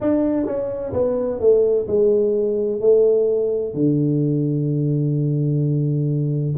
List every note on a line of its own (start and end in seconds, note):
0.00 0.46 D4
0.46 0.92 C#4
0.93 1.39 B3
1.39 1.86 A3
1.87 2.80 G#3
2.80 3.74 A3
3.74 6.55 D3